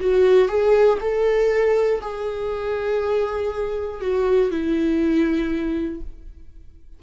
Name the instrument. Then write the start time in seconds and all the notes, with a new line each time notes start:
viola
0.00 F#4
0.48 G#4
1.00 A4
2.01 G#4
4.00 F#4
4.50 E4